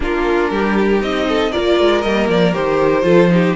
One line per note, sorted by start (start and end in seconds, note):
0.00 0.49 A#3
0.00 1.00 D4
0.00 0.50 F4
0.00 1.01 A#4
0.50 1.01 G3
0.50 1.27 G4
1.00 1.52 C4
1.00 1.51 D#4
1.00 1.52 D#5
1.28 1.52 A4
1.52 1.79 A#3
1.52 2.04 F4
1.52 3.04 A#4
1.52 2.01 D5
1.79 2.04 G#3
2.01 2.28 G3
2.01 2.53 A#3
2.01 2.27 D#5
2.28 2.53 F3
2.28 2.54 D5
2.53 3.03 D#3
2.53 3.02 G4
2.53 3.56 C5
3.02 3.54 F3
3.02 3.28 F4
3.02 3.30 A4
3.30 3.55 D#4
3.30 3.56 G4